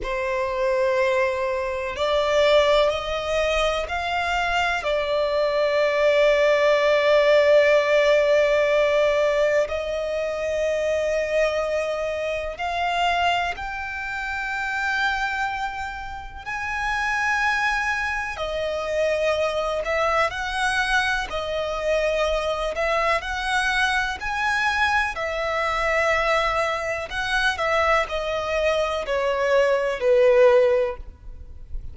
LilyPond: \new Staff \with { instrumentName = "violin" } { \time 4/4 \tempo 4 = 62 c''2 d''4 dis''4 | f''4 d''2.~ | d''2 dis''2~ | dis''4 f''4 g''2~ |
g''4 gis''2 dis''4~ | dis''8 e''8 fis''4 dis''4. e''8 | fis''4 gis''4 e''2 | fis''8 e''8 dis''4 cis''4 b'4 | }